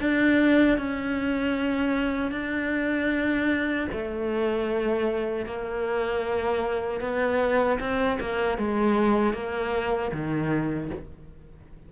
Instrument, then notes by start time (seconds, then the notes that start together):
cello
0.00 D4
0.78 C#4
2.32 D4
3.92 A3
5.45 A#3
7.01 B3
7.80 C4
8.20 A#3
8.57 G#3
9.34 A#3
10.12 D#3